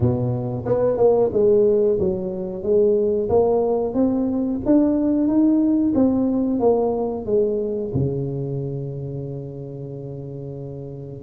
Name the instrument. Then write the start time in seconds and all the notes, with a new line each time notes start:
tuba
0.00 B2
0.65 B3
0.97 A#3
1.32 G#3
1.99 F#3
2.62 G#3
3.29 A#3
3.94 C4
4.65 D4
5.27 D#4
5.94 C4
6.59 A#3
7.25 G#3
7.94 C#3